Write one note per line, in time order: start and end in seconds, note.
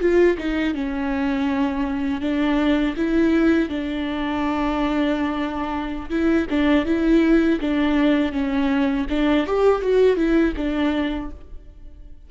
0.00 0.37 F4
0.38 0.74 D#4
0.74 2.21 C#4
2.21 2.95 D4
2.96 3.69 E4
3.69 6.09 D4
6.10 6.47 E4
6.49 6.85 D4
6.85 7.59 E4
7.61 8.32 D4
8.32 9.06 C#4
9.09 9.46 D4
9.46 9.81 G4
9.81 10.16 F#4
10.16 10.54 E4
10.56 11.30 D4